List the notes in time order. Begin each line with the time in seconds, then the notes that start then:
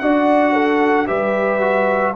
0.00 D4 F#4 D5 F#5
0.53 A4
1.08 G3 G4 B4 E5
1.61 F#4